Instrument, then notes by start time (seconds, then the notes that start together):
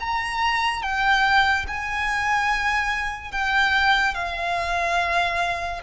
violin
0.00 A#5
0.82 G5
1.67 G#5
3.32 G5
4.15 F5